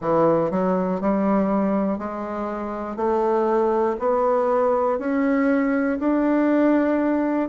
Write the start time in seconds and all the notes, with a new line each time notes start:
0.00 E3
0.50 F#3
1.00 G3
1.98 G#3
2.96 A3
3.99 B3
4.98 C#4
5.99 D4